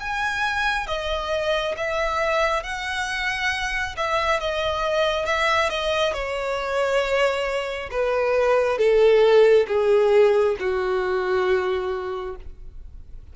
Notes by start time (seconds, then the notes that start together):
0.00 G#5
0.87 D#5
1.76 E5
2.63 F#5
3.97 E5
4.40 D#5
5.25 E5
5.70 D#5
6.13 C#5
7.91 B4
8.78 A4
9.67 G#4
10.59 F#4